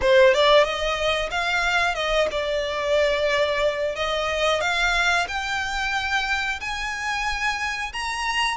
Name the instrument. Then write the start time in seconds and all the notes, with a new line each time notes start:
violin
0.01 C5
0.34 D5
0.64 D#5
1.30 F5
1.95 D#5
2.31 D5
3.95 D#5
4.61 F5
5.27 G5
6.60 G#5
7.92 A#5